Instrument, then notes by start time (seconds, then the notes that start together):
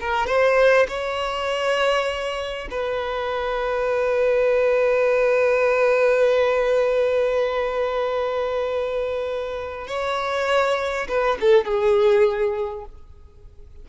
violin
0.00 A#4
0.26 C5
0.88 C#5
2.70 B4
9.87 C#5
11.08 B4
11.40 A4
11.65 G#4